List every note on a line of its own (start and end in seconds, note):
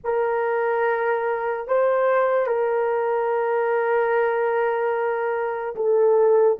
0.04 1.67 A#4
1.67 2.46 C5
2.46 5.75 A#4
5.75 6.58 A4